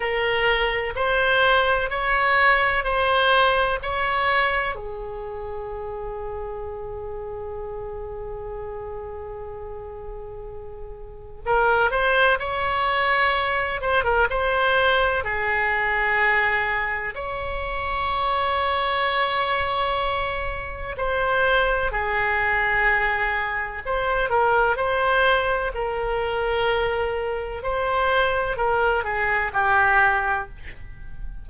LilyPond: \new Staff \with { instrumentName = "oboe" } { \time 4/4 \tempo 4 = 63 ais'4 c''4 cis''4 c''4 | cis''4 gis'2.~ | gis'1 | ais'8 c''8 cis''4. c''16 ais'16 c''4 |
gis'2 cis''2~ | cis''2 c''4 gis'4~ | gis'4 c''8 ais'8 c''4 ais'4~ | ais'4 c''4 ais'8 gis'8 g'4 | }